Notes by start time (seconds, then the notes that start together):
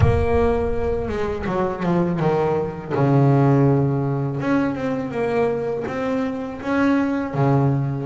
0.00 A#3
1.08 G#3
1.46 F#3
1.83 F3
2.19 D#3
2.94 C#3
4.40 C#4
4.75 C4
5.11 A#3
5.87 C4
6.61 C#4
7.34 C#3